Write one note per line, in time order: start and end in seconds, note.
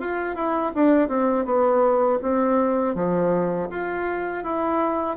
0.00 0.35 F4
0.35 0.72 E4
0.74 1.08 D4
1.08 1.45 C4
1.45 2.19 B3
2.22 2.95 C4
2.95 3.69 F3
3.70 4.43 F4
4.43 5.16 E4